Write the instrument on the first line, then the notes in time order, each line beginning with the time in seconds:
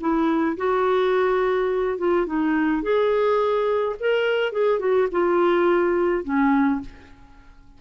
clarinet
0.00 E4
0.57 F#4
1.98 F4
2.26 D#4
2.83 G#4
4.00 A#4
4.52 G#4
4.80 F#4
5.11 F4
6.24 C#4